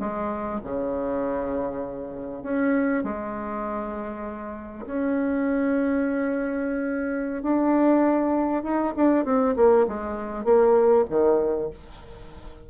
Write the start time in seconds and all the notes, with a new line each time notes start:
0.00 G#3
0.64 C#3
2.44 C#4
3.04 G#3
4.87 C#4
7.43 D4
8.64 D#4
8.96 D4
9.26 C4
9.57 A#3
9.88 G#3
10.45 A#3
11.10 D#3